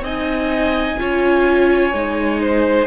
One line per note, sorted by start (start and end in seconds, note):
0.00 0.95 C4
0.00 0.97 D#4
0.00 0.99 D#5
0.00 2.87 G#5
0.97 1.93 C#4
0.97 1.92 F4
0.97 2.41 C#5
1.93 2.87 G#3
1.93 2.87 D#4
2.41 2.87 C5